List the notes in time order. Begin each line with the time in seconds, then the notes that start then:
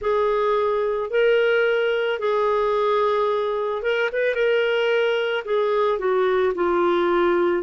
0.01 G#4
1.10 A#4
2.19 G#4
3.82 A#4
4.12 B4
4.34 A#4
5.44 G#4
5.99 F#4
6.55 F4